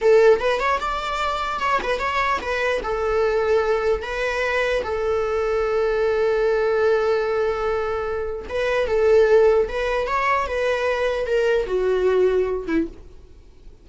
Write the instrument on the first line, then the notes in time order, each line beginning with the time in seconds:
viola
0.01 A4
0.40 B4
0.59 C#5
0.80 D5
1.59 C#5
1.82 B4
1.99 C#5
2.41 B4
2.83 A4
4.02 B4
4.83 A4
8.49 B4
8.87 A4
9.68 B4
10.07 C#5
10.46 B4
11.26 A#4
11.66 F#4
12.67 E4